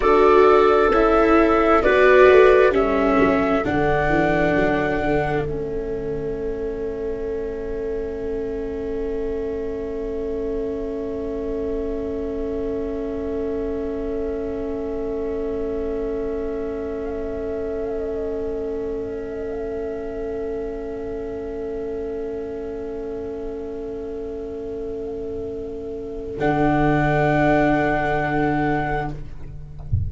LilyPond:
<<
  \new Staff \with { instrumentName = "flute" } { \time 4/4 \tempo 4 = 66 d''4 e''4 d''4 e''4 | fis''2 e''2~ | e''1~ | e''1~ |
e''1~ | e''1~ | e''1~ | e''4 fis''2. | }
  \new Staff \with { instrumentName = "clarinet" } { \time 4/4 a'2 b'4 a'4~ | a'1~ | a'1~ | a'1~ |
a'1~ | a'1~ | a'1~ | a'1 | }
  \new Staff \with { instrumentName = "viola" } { \time 4/4 fis'4 e'4 fis'4 cis'4 | d'2 cis'2~ | cis'1~ | cis'1~ |
cis'1~ | cis'1~ | cis'1~ | cis'4 d'2. | }
  \new Staff \with { instrumentName = "tuba" } { \time 4/4 d'4 cis'4 b8 a8 g8 fis8 | d8 e8 fis8 d8 a2~ | a1~ | a1~ |
a1~ | a1~ | a1~ | a4 d2. | }
>>